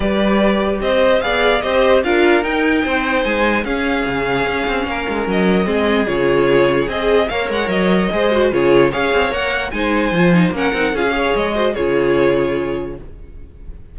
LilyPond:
<<
  \new Staff \with { instrumentName = "violin" } { \time 4/4 \tempo 4 = 148 d''2 dis''4 f''4 | dis''4 f''4 g''2 | gis''4 f''2.~ | f''4 dis''2 cis''4~ |
cis''4 dis''4 f''8 fis''8 dis''4~ | dis''4 cis''4 f''4 fis''4 | gis''2 fis''4 f''4 | dis''4 cis''2. | }
  \new Staff \with { instrumentName = "violin" } { \time 4/4 b'2 c''4 d''4 | c''4 ais'2 c''4~ | c''4 gis'2. | ais'2 gis'2~ |
gis'2 cis''2 | c''4 gis'4 cis''2 | c''2 ais'4 gis'8 cis''8~ | cis''8 c''8 gis'2. | }
  \new Staff \with { instrumentName = "viola" } { \time 4/4 g'2. gis'4 | g'4 f'4 dis'2~ | dis'4 cis'2.~ | cis'2 c'4 f'4~ |
f'4 gis'4 ais'2 | gis'8 fis'8 f'4 gis'4 ais'4 | dis'4 f'8 dis'8 cis'8 dis'8 f'16 fis'16 gis'8~ | gis'8 fis'8 f'2. | }
  \new Staff \with { instrumentName = "cello" } { \time 4/4 g2 c'4 b4 | c'4 d'4 dis'4 c'4 | gis4 cis'4 cis4 cis'8 c'8 | ais8 gis8 fis4 gis4 cis4~ |
cis4 c'4 ais8 gis8 fis4 | gis4 cis4 cis'8 c'8 ais4 | gis4 f4 ais8 c'8 cis'4 | gis4 cis2. | }
>>